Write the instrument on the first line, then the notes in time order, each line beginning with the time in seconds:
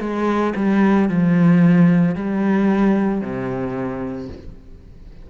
cello
0.00 G#3
0.56 G3
1.09 F3
2.15 G3
3.21 C3